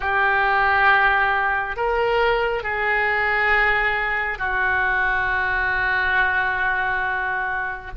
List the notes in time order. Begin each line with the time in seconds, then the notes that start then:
0.00 G4
1.76 A#4
2.63 G#4
4.38 F#4